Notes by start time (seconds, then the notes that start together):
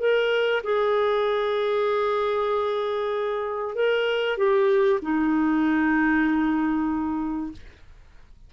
0.00 A#4
0.64 G#4
3.75 A#4
4.38 G4
5.02 D#4